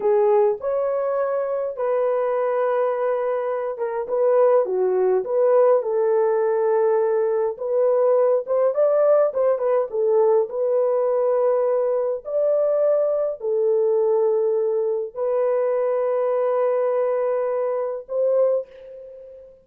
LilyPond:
\new Staff \with { instrumentName = "horn" } { \time 4/4 \tempo 4 = 103 gis'4 cis''2 b'4~ | b'2~ b'8 ais'8 b'4 | fis'4 b'4 a'2~ | a'4 b'4. c''8 d''4 |
c''8 b'8 a'4 b'2~ | b'4 d''2 a'4~ | a'2 b'2~ | b'2. c''4 | }